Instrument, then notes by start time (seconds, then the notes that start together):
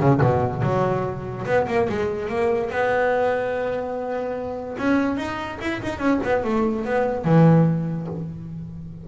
double bass
0.00 C#3
0.21 B2
0.62 F#3
1.46 B3
1.67 A#3
1.89 G#3
2.29 A#3
2.70 B3
4.78 C#4
5.17 D#4
5.61 E4
5.82 D#4
5.99 C#4
6.24 B3
6.44 A3
6.85 B3
7.25 E3